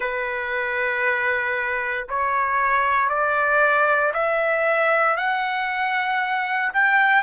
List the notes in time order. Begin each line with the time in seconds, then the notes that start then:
0.00 B4
2.08 C#5
3.09 D5
4.13 E5
5.17 F#5
6.73 G5